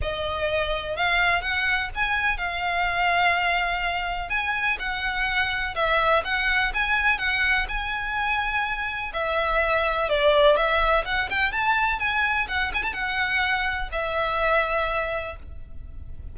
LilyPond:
\new Staff \with { instrumentName = "violin" } { \time 4/4 \tempo 4 = 125 dis''2 f''4 fis''4 | gis''4 f''2.~ | f''4 gis''4 fis''2 | e''4 fis''4 gis''4 fis''4 |
gis''2. e''4~ | e''4 d''4 e''4 fis''8 g''8 | a''4 gis''4 fis''8 gis''16 a''16 fis''4~ | fis''4 e''2. | }